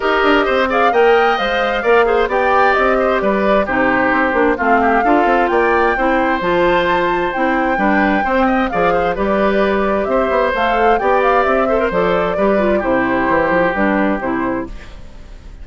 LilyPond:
<<
  \new Staff \with { instrumentName = "flute" } { \time 4/4 \tempo 4 = 131 dis''4. f''8 g''4 f''4~ | f''4 g''4 dis''4 d''4 | c''2 f''2 | g''2 a''2 |
g''2. f''4 | d''2 e''4 f''4 | g''8 f''8 e''4 d''2 | c''2 b'4 c''4 | }
  \new Staff \with { instrumentName = "oboe" } { \time 4/4 ais'4 c''8 d''8 dis''2 | d''8 c''8 d''4. c''8 b'4 | g'2 f'8 g'8 a'4 | d''4 c''2.~ |
c''4 b'4 c''8 dis''8 d''8 c''8 | b'2 c''2 | d''4. c''4. b'4 | g'1 | }
  \new Staff \with { instrumentName = "clarinet" } { \time 4/4 g'4. gis'8 ais'4 c''4 | ais'8 gis'8 g'2. | dis'4. d'8 c'4 f'4~ | f'4 e'4 f'2 |
e'4 d'4 c'4 gis'4 | g'2. a'4 | g'4. a'16 ais'16 a'4 g'8 f'8 | e'2 d'4 e'4 | }
  \new Staff \with { instrumentName = "bassoon" } { \time 4/4 dis'8 d'8 c'4 ais4 gis4 | ais4 b4 c'4 g4 | c4 c'8 ais8 a4 d'8 c'8 | ais4 c'4 f2 |
c'4 g4 c'4 f4 | g2 c'8 b8 a4 | b4 c'4 f4 g4 | c4 e8 f8 g4 c4 | }
>>